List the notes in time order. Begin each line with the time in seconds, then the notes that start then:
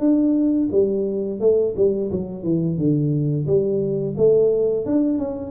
0.00 D4
0.71 G3
1.40 A3
1.76 G3
2.11 F#3
2.43 E3
2.78 D3
3.47 G3
4.17 A3
4.86 D4
5.18 C#4